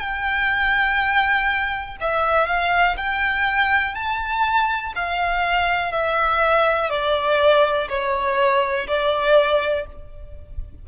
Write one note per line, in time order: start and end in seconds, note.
0.00 1.97 G5
2.01 2.47 E5
2.47 2.96 F5
2.97 3.95 G5
3.95 4.93 A5
4.96 5.92 F5
5.92 6.90 E5
6.90 7.88 D5
7.89 8.87 C#5
8.87 9.86 D5